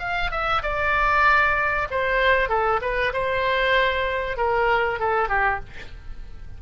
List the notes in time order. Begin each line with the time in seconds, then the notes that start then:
0.00 F5
0.32 E5
0.63 D5
1.91 C5
2.49 A4
2.82 B4
3.14 C5
4.38 A#4
5.00 A4
5.29 G4